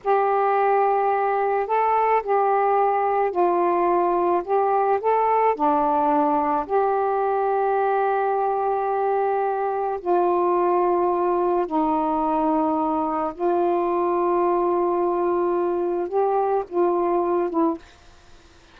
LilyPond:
\new Staff \with { instrumentName = "saxophone" } { \time 4/4 \tempo 4 = 108 g'2. a'4 | g'2 f'2 | g'4 a'4 d'2 | g'1~ |
g'2 f'2~ | f'4 dis'2. | f'1~ | f'4 g'4 f'4. e'8 | }